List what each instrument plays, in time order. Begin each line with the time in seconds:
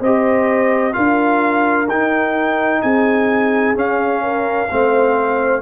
0.00 tuba C4, trombone G4, horn C5, trumpet D#5
0.92 tuba D4, trombone F4, horn A#4, trumpet F5
1.88 tuba D#4, trombone D#4, trumpet G5
2.81 tuba C4, horn G#4, trumpet G#5
3.74 trombone C#4, tuba C#4, trumpet F5
4.23 horn A#4
4.70 tuba A3, trombone C4, horn C5